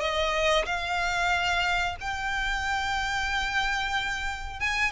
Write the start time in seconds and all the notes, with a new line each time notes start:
0.00 D#5
0.66 F5
2.00 G5
4.60 G#5